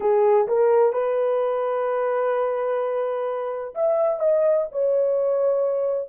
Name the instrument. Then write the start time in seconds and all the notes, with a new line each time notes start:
horn
0.00 G#4
0.47 A#4
0.92 B4
3.74 E5
4.19 D#5
4.71 C#5